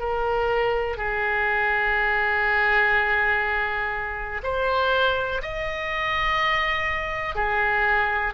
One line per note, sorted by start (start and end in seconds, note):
0.00 0.98 A#4
0.98 4.42 G#4
4.44 5.42 C5
5.42 7.35 D#5
7.35 8.34 G#4